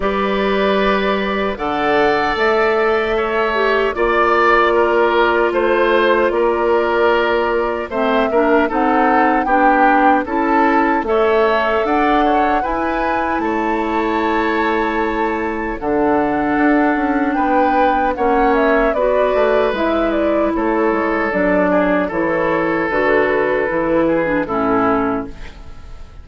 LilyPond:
<<
  \new Staff \with { instrumentName = "flute" } { \time 4/4 \tempo 4 = 76 d''2 fis''4 e''4~ | e''4 d''2 c''4 | d''2 e''4 fis''4 | g''4 a''4 e''4 fis''4 |
gis''4 a''2. | fis''2 g''4 fis''8 e''8 | d''4 e''8 d''8 cis''4 d''4 | cis''4 b'2 a'4 | }
  \new Staff \with { instrumentName = "oboe" } { \time 4/4 b'2 d''2 | cis''4 d''4 ais'4 c''4 | ais'2 c''8 ais'8 a'4 | g'4 a'4 cis''4 d''8 cis''8 |
b'4 cis''2. | a'2 b'4 cis''4 | b'2 a'4. gis'8 | a'2~ a'8 gis'8 e'4 | }
  \new Staff \with { instrumentName = "clarinet" } { \time 4/4 g'2 a'2~ | a'8 g'8 f'2.~ | f'2 c'8 d'8 dis'4 | d'4 e'4 a'2 |
e'1 | d'2. cis'4 | fis'4 e'2 d'4 | e'4 fis'4 e'8. d'16 cis'4 | }
  \new Staff \with { instrumentName = "bassoon" } { \time 4/4 g2 d4 a4~ | a4 ais2 a4 | ais2 a8 ais8 c'4 | b4 cis'4 a4 d'4 |
e'4 a2. | d4 d'8 cis'8 b4 ais4 | b8 a8 gis4 a8 gis8 fis4 | e4 d4 e4 a,4 | }
>>